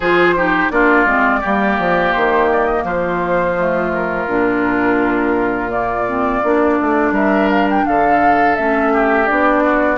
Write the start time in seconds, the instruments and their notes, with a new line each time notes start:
0.00 bassoon F3, clarinet F4, oboe G#4, flute C5
0.36 clarinet D#4, oboe G4
0.70 bassoon A#3, clarinet D4, oboe F4, flute D5
1.05 bassoon G#3, clarinet C4
1.40 bassoon G3, clarinet A#3, oboe G4
1.78 bassoon F3
2.12 bassoon D#3, flute C5
2.52 flute D5
2.65 flute D#5
2.83 bassoon F3, oboe F4, flute C5
3.58 clarinet A3
3.94 flute A#4
4.27 bassoon A#2, clarinet D4
5.68 clarinet A#3, flute D5
6.07 clarinet C4
6.43 bassoon A#3, clarinet D4
6.80 bassoon A3
7.11 bassoon G3, oboe A#4, flute E5
7.50 flute F5
7.69 flute G5
7.86 bassoon D3, oboe A4, flute F5
8.55 bassoon A3, clarinet C#4, flute E5
8.92 oboe G4
9.26 bassoon B3, clarinet D4, flute D5
9.63 oboe F#4